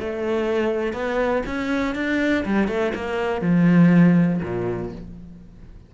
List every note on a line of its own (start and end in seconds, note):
0.00 0.93 A3
0.93 1.43 B3
1.47 1.95 C#4
1.95 2.45 D4
2.45 2.68 G3
2.68 2.93 A3
2.95 3.41 A#3
3.41 4.41 F3
4.43 4.92 A#2